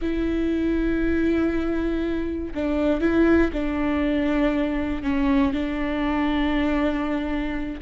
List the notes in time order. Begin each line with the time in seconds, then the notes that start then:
0.01 E4
2.54 D4
3.00 E4
3.52 D4
5.03 C#4
5.53 D4